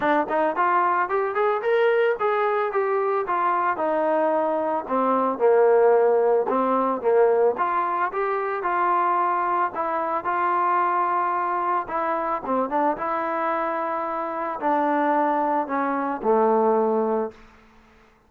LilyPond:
\new Staff \with { instrumentName = "trombone" } { \time 4/4 \tempo 4 = 111 d'8 dis'8 f'4 g'8 gis'8 ais'4 | gis'4 g'4 f'4 dis'4~ | dis'4 c'4 ais2 | c'4 ais4 f'4 g'4 |
f'2 e'4 f'4~ | f'2 e'4 c'8 d'8 | e'2. d'4~ | d'4 cis'4 a2 | }